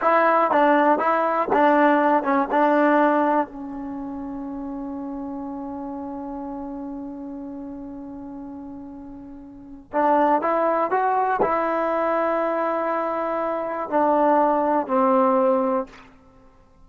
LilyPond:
\new Staff \with { instrumentName = "trombone" } { \time 4/4 \tempo 4 = 121 e'4 d'4 e'4 d'4~ | d'8 cis'8 d'2 cis'4~ | cis'1~ | cis'1~ |
cis'1 | d'4 e'4 fis'4 e'4~ | e'1 | d'2 c'2 | }